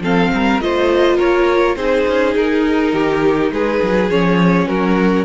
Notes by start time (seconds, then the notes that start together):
0.00 F3 C4 A4 F5
0.33 G3 A#4
0.61 A3 F4 C5 D#5
1.17 A#3 A#4 C#5
1.76 C4 D#4 G#4 C5
2.08 C#4
2.35 D#4 A#4
2.93 D#3 G4
3.51 G#3 G#4 B4
3.83 F#3
4.10 F3 C#4 C#5
4.67 F#3 F#4 A#4